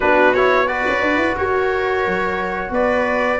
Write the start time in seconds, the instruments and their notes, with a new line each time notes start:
0.00 tuba B3, trombone D4, viola F#4, trumpet B4
0.34 trombone E4, trumpet C#5
0.66 trombone F#4, viola B4, trumpet D5
0.87 tuba C#4
1.01 tuba D4
1.16 tuba E4
1.37 tuba F#4, viola A#4, trumpet C#5
2.06 tuba F#3
2.70 tuba B3, viola B4, trumpet D5